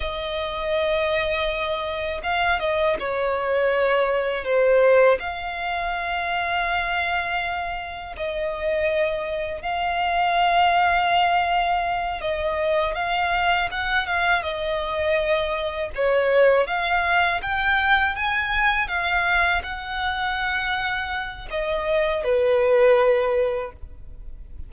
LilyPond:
\new Staff \with { instrumentName = "violin" } { \time 4/4 \tempo 4 = 81 dis''2. f''8 dis''8 | cis''2 c''4 f''4~ | f''2. dis''4~ | dis''4 f''2.~ |
f''8 dis''4 f''4 fis''8 f''8 dis''8~ | dis''4. cis''4 f''4 g''8~ | g''8 gis''4 f''4 fis''4.~ | fis''4 dis''4 b'2 | }